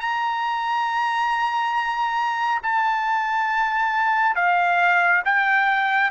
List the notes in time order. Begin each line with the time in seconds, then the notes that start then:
0.00 A#5
2.62 A5
4.35 F5
5.25 G5